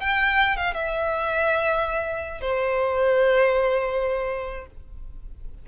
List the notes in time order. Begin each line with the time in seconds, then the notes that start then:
0.00 G5
0.57 F5
0.74 E5
2.41 C5